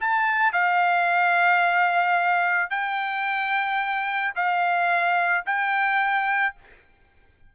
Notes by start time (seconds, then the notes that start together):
0.00 A5
0.52 F5
2.70 G5
4.35 F5
5.46 G5